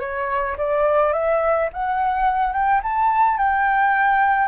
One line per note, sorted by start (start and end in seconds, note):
0.00 0.56 C#5
0.58 1.13 D5
1.13 1.69 E5
1.73 2.53 F#5
2.53 2.81 G5
2.83 3.38 A5
3.38 4.48 G5